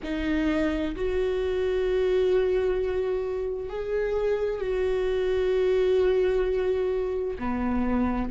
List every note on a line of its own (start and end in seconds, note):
0.03 0.95 D#4
0.95 3.69 F#4
3.69 4.60 G#4
4.60 7.37 F#4
7.38 8.30 B3